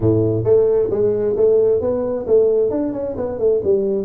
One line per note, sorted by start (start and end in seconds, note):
0.00 0.43 A2
0.44 0.89 A3
0.90 1.35 G#3
1.36 1.80 A3
1.80 2.26 B3
2.27 2.70 A3
2.70 2.92 D4
2.92 3.15 C#4
3.16 3.38 B3
3.38 3.61 A3
3.63 4.04 G3